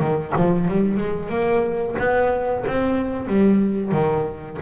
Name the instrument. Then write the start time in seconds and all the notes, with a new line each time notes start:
double bass
0.00 D#3
0.37 F3
0.68 G3
0.97 G#3
1.30 A#3
1.99 B3
2.67 C4
3.28 G3
3.92 D#3